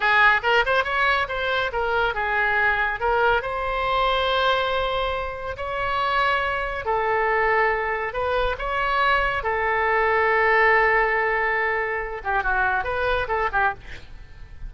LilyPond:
\new Staff \with { instrumentName = "oboe" } { \time 4/4 \tempo 4 = 140 gis'4 ais'8 c''8 cis''4 c''4 | ais'4 gis'2 ais'4 | c''1~ | c''4 cis''2. |
a'2. b'4 | cis''2 a'2~ | a'1~ | a'8 g'8 fis'4 b'4 a'8 g'8 | }